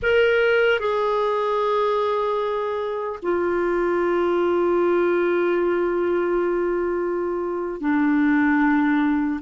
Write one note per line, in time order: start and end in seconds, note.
0.02 0.79 A#4
0.79 3.19 G#4
3.22 7.80 F4
7.80 9.40 D4